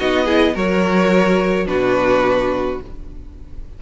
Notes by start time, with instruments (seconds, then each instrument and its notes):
0.00 cello B3, viola D#4, violin F#4 D#5
0.25 viola E4, violin G#4
0.54 cello F#3, viola F#4, violin A#4 C#5
1.66 cello B2, viola D4, violin F#4 B4